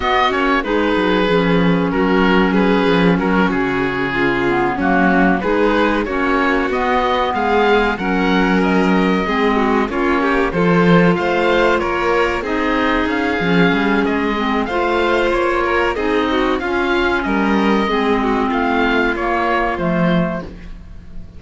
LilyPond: <<
  \new Staff \with { instrumentName = "oboe" } { \time 4/4 \tempo 4 = 94 dis''8 cis''8 b'2 ais'4 | b'4 ais'8 gis'2 fis'8~ | fis'8 b'4 cis''4 dis''4 f''8~ | f''8 fis''4 dis''2 cis''8~ |
cis''8 c''4 f''4 cis''4 dis''8~ | dis''8 f''4. dis''4 f''4 | cis''4 dis''4 f''4 dis''4~ | dis''4 f''4 cis''4 c''4 | }
  \new Staff \with { instrumentName = "violin" } { \time 4/4 fis'4 gis'2 fis'4 | gis'4 fis'4. f'4 cis'8~ | cis'8 gis'4 fis'2 gis'8~ | gis'8 ais'2 gis'8 fis'8 f'8 |
g'8 a'4 c''4 ais'4 gis'8~ | gis'2. c''4~ | c''8 ais'8 gis'8 fis'8 f'4 ais'4 | gis'8 fis'8 f'2. | }
  \new Staff \with { instrumentName = "clarinet" } { \time 4/4 b8 cis'8 dis'4 cis'2~ | cis'2. b8 ais8~ | ais8 dis'4 cis'4 b4.~ | b8 cis'2 c'4 cis'8~ |
cis'8 f'2. dis'8~ | dis'4 cis'4. c'8 f'4~ | f'4 dis'4 cis'2 | c'2 ais4 a4 | }
  \new Staff \with { instrumentName = "cello" } { \time 4/4 b8 ais8 gis8 fis8 f4 fis4~ | fis8 f8 fis8 cis2 fis8~ | fis8 gis4 ais4 b4 gis8~ | gis8 fis2 gis4 ais8~ |
ais8 f4 a4 ais4 c'8~ | c'8 cis'8 f8 g8 gis4 a4 | ais4 c'4 cis'4 g4 | gis4 a4 ais4 f4 | }
>>